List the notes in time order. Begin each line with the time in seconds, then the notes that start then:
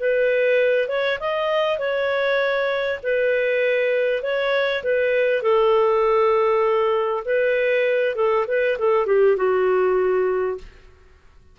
0.00 B4
0.88 C#5
1.20 D#5
1.79 C#5
3.03 B4
4.23 C#5
4.83 B4
5.42 A4
7.25 B4
8.16 A4
8.47 B4
8.79 A4
9.06 G4
9.37 F#4